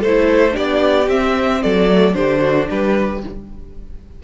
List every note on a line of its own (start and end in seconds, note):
0.00 0.56 A3
0.00 0.53 A4
0.00 0.56 C5
0.06 0.52 E4
0.52 1.08 B3
0.52 1.05 D4
0.52 1.60 G4
0.52 1.09 D5
1.08 1.61 C4
1.08 1.89 C4
1.08 1.62 E5
1.62 2.15 F#3
1.62 2.16 A4
1.62 2.14 D5
1.89 2.13 A3
2.13 2.68 D3
2.13 3.19 D4
2.13 2.40 G4
2.13 2.67 C5
2.40 2.67 F#4
2.69 3.23 G3
2.69 3.22 G4
2.69 3.23 B4